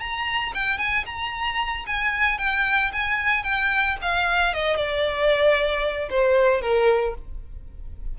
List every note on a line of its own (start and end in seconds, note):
0.00 0.53 A#5
0.55 0.78 G5
0.78 1.05 G#5
1.06 1.86 A#5
1.87 2.39 G#5
2.39 2.92 G5
2.93 3.44 G#5
3.44 3.97 G5
4.02 4.54 F5
4.54 4.76 D#5
4.76 6.09 D5
6.10 6.62 C5
6.62 7.15 A#4